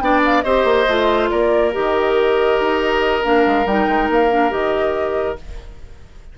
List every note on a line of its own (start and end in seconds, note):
0.00 0.44 B3
0.00 0.44 D4
0.00 0.44 D5
0.00 0.21 G5
0.26 0.42 F5
0.42 0.65 C4
0.42 0.88 G4
0.42 1.30 C5
0.42 1.28 D#5
0.65 0.86 A#3
0.88 1.31 A3
0.88 1.72 F4
1.30 1.76 A#3
1.30 5.39 A#4
1.30 1.73 D5
1.72 2.60 D#3
1.72 3.22 G4
1.72 3.25 D#5
2.60 3.24 D#4
3.23 3.47 A#3
3.23 3.66 D4
3.23 3.67 F5
3.47 3.66 G#3
3.66 3.87 G3
3.66 4.30 D#4
3.66 4.10 G5
3.89 4.10 G#3
4.10 4.52 A#3
4.10 4.52 F5
4.30 4.51 D4
4.51 5.38 D#3
4.51 5.36 G4
4.51 5.38 D#5